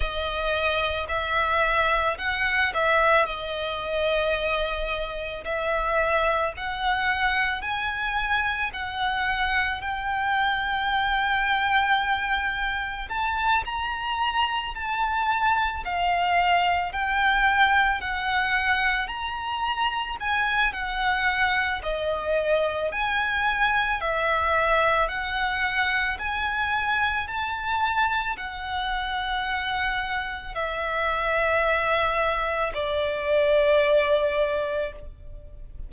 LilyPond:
\new Staff \with { instrumentName = "violin" } { \time 4/4 \tempo 4 = 55 dis''4 e''4 fis''8 e''8 dis''4~ | dis''4 e''4 fis''4 gis''4 | fis''4 g''2. | a''8 ais''4 a''4 f''4 g''8~ |
g''8 fis''4 ais''4 gis''8 fis''4 | dis''4 gis''4 e''4 fis''4 | gis''4 a''4 fis''2 | e''2 d''2 | }